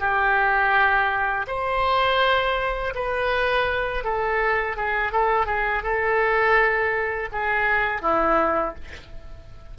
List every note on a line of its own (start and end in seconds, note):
0.00 1.46 G4
1.48 2.94 C5
2.95 4.04 B4
4.04 4.77 A4
4.77 5.13 G#4
5.13 5.47 A4
5.47 5.83 G#4
5.83 7.30 A4
7.33 8.02 G#4
8.02 8.75 E4